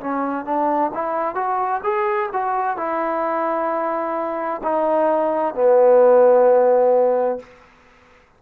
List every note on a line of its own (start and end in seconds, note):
0.00 0.45 C#4
0.45 0.91 D4
0.94 1.35 E4
1.35 1.81 F#4
1.83 2.30 G#4
2.33 2.77 F#4
2.77 4.62 E4
4.63 5.55 D#4
5.55 7.39 B3